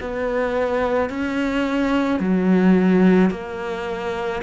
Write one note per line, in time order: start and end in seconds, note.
0.00 1.09 B3
1.09 2.19 C#4
2.19 3.30 F#3
3.30 4.41 A#3